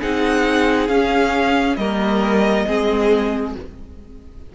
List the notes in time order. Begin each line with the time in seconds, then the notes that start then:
0.00 C4 D#4 G#4 F#5
0.88 C#4 F5
1.76 G3 A#3 A#4 D#5
2.67 G#3 C4 G#4